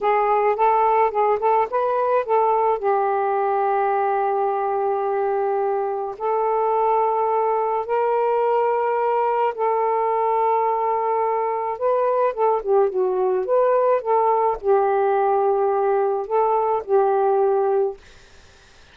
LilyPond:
\new Staff \with { instrumentName = "saxophone" } { \time 4/4 \tempo 4 = 107 gis'4 a'4 gis'8 a'8 b'4 | a'4 g'2.~ | g'2. a'4~ | a'2 ais'2~ |
ais'4 a'2.~ | a'4 b'4 a'8 g'8 fis'4 | b'4 a'4 g'2~ | g'4 a'4 g'2 | }